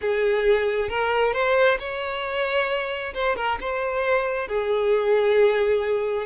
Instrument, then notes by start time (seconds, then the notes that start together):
violin
0.01 G#4
0.89 A#4
1.33 C5
1.79 C#5
3.13 C5
3.36 A#4
3.60 C5
4.48 G#4